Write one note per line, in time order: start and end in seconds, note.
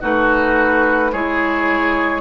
0.00 1.13 A3
0.00 1.13 D#4
0.00 1.11 F#4
0.00 1.13 B4
1.12 2.21 G#3
1.12 2.21 E4
1.12 2.21 G#4
1.12 2.21 C#5